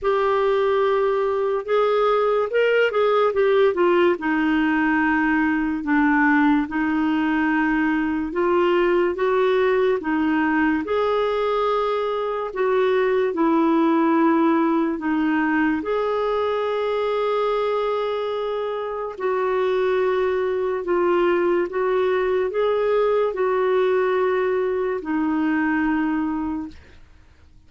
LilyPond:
\new Staff \with { instrumentName = "clarinet" } { \time 4/4 \tempo 4 = 72 g'2 gis'4 ais'8 gis'8 | g'8 f'8 dis'2 d'4 | dis'2 f'4 fis'4 | dis'4 gis'2 fis'4 |
e'2 dis'4 gis'4~ | gis'2. fis'4~ | fis'4 f'4 fis'4 gis'4 | fis'2 dis'2 | }